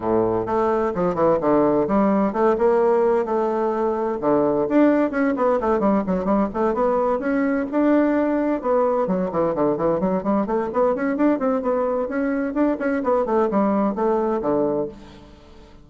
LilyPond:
\new Staff \with { instrumentName = "bassoon" } { \time 4/4 \tempo 4 = 129 a,4 a4 f8 e8 d4 | g4 a8 ais4. a4~ | a4 d4 d'4 cis'8 b8 | a8 g8 fis8 g8 a8 b4 cis'8~ |
cis'8 d'2 b4 fis8 | e8 d8 e8 fis8 g8 a8 b8 cis'8 | d'8 c'8 b4 cis'4 d'8 cis'8 | b8 a8 g4 a4 d4 | }